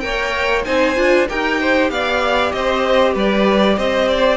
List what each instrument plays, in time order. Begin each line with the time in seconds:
0.00 cello A#3, viola A#4, violin C#5 G5
0.65 cello C4, viola D#4, violin C5 G#5
0.96 cello D4, viola F4
1.29 cello D#4, viola G4, violin A#4 G5
1.60 violin C5
1.90 cello B3, violin D5 F5
2.52 cello C4, violin C5 D#5
3.14 cello G3, violin B4 D5
3.78 cello C4, violin C5 D#5
4.08 violin D5